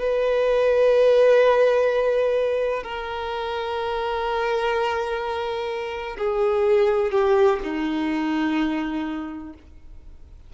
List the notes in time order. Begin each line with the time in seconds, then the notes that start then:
0.00 B4
2.84 A#4
6.19 G#4
7.12 G4
7.64 D#4